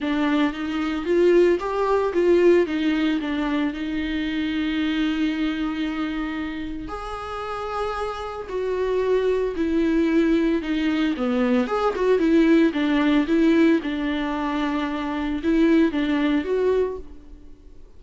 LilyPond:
\new Staff \with { instrumentName = "viola" } { \time 4/4 \tempo 4 = 113 d'4 dis'4 f'4 g'4 | f'4 dis'4 d'4 dis'4~ | dis'1~ | dis'4 gis'2. |
fis'2 e'2 | dis'4 b4 gis'8 fis'8 e'4 | d'4 e'4 d'2~ | d'4 e'4 d'4 fis'4 | }